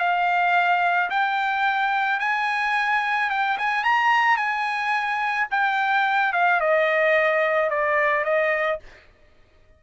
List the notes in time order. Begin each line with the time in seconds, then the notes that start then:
0.00 F5
1.10 G5
2.20 G#5
3.31 G5
3.58 G#5
3.84 A#5
4.37 G#5
5.51 G5
6.33 F5
6.61 D#5
7.70 D5
8.25 D#5